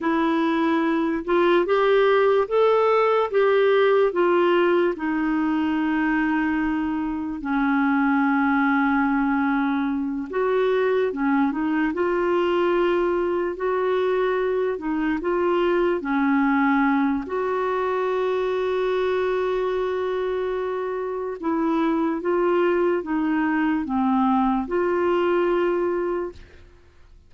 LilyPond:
\new Staff \with { instrumentName = "clarinet" } { \time 4/4 \tempo 4 = 73 e'4. f'8 g'4 a'4 | g'4 f'4 dis'2~ | dis'4 cis'2.~ | cis'8 fis'4 cis'8 dis'8 f'4.~ |
f'8 fis'4. dis'8 f'4 cis'8~ | cis'4 fis'2.~ | fis'2 e'4 f'4 | dis'4 c'4 f'2 | }